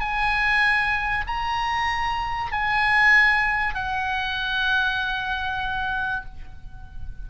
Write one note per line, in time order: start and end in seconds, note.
0.00 1.25 G#5
1.27 2.52 A#5
2.52 3.74 G#5
3.74 6.24 F#5